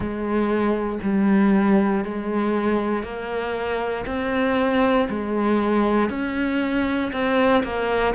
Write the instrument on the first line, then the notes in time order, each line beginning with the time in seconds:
cello
0.00 G#3
1.02 G3
2.04 G#3
3.03 A#3
4.06 C4
5.09 G#3
6.09 C#4
7.12 C4
7.63 A#3